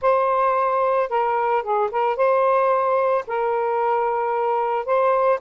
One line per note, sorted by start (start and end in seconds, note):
0.01 1.09 C5
1.09 1.62 A#4
1.62 1.89 G#4
1.91 2.16 A#4
2.16 3.24 C5
3.27 4.85 A#4
4.85 5.39 C5